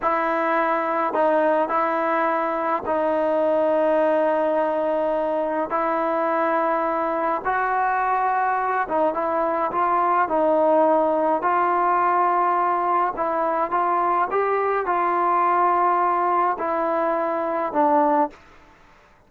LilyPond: \new Staff \with { instrumentName = "trombone" } { \time 4/4 \tempo 4 = 105 e'2 dis'4 e'4~ | e'4 dis'2.~ | dis'2 e'2~ | e'4 fis'2~ fis'8 dis'8 |
e'4 f'4 dis'2 | f'2. e'4 | f'4 g'4 f'2~ | f'4 e'2 d'4 | }